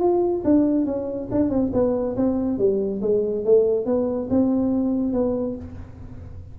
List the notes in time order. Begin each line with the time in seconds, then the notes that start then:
0.00 F4
0.45 D4
0.86 C#4
1.31 D4
1.50 C4
1.74 B3
2.16 C4
2.59 G3
3.02 G#3
3.45 A3
3.86 B3
4.30 C4
5.13 B3